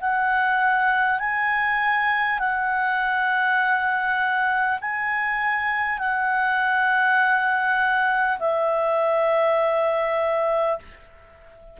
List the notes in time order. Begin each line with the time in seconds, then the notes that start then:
0.00 F#5
1.19 G#5
2.39 F#5
4.81 G#5
5.98 F#5
8.39 E5